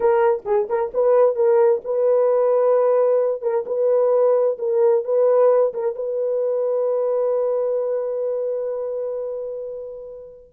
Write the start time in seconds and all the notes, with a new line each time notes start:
0.00 A#4
0.45 G#4
0.69 A#4
0.93 B4
1.35 A#4
1.84 B4
3.41 A#4
3.66 B4
4.58 A#4
5.04 B4
5.73 A#4
5.95 B4